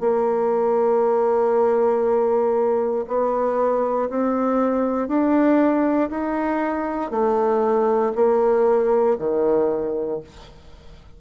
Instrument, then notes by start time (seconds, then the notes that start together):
bassoon
0.00 A#3
3.07 B3
4.10 C4
5.08 D4
6.10 D#4
7.11 A3
8.15 A#3
9.19 D#3